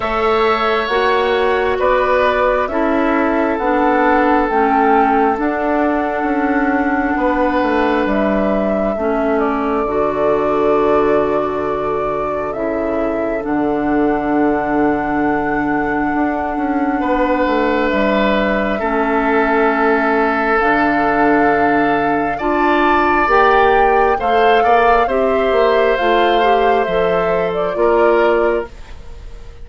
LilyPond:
<<
  \new Staff \with { instrumentName = "flute" } { \time 4/4 \tempo 4 = 67 e''4 fis''4 d''4 e''4 | fis''4 g''4 fis''2~ | fis''4 e''4. d''4.~ | d''2 e''4 fis''4~ |
fis''1 | e''2. f''4~ | f''4 a''4 g''4 f''4 | e''4 f''4 e''8. d''4~ d''16 | }
  \new Staff \with { instrumentName = "oboe" } { \time 4/4 cis''2 b'4 a'4~ | a'1 | b'2 a'2~ | a'1~ |
a'2. b'4~ | b'4 a'2.~ | a'4 d''2 c''8 d''8 | c''2. ais'4 | }
  \new Staff \with { instrumentName = "clarinet" } { \time 4/4 a'4 fis'2 e'4 | d'4 cis'4 d'2~ | d'2 cis'4 fis'4~ | fis'2 e'4 d'4~ |
d'1~ | d'4 cis'2 d'4~ | d'4 f'4 g'4 a'4 | g'4 f'8 g'8 a'4 f'4 | }
  \new Staff \with { instrumentName = "bassoon" } { \time 4/4 a4 ais4 b4 cis'4 | b4 a4 d'4 cis'4 | b8 a8 g4 a4 d4~ | d2 cis4 d4~ |
d2 d'8 cis'8 b8 a8 | g4 a2 d4~ | d4 d'4 ais4 a8 ais8 | c'8 ais8 a4 f4 ais4 | }
>>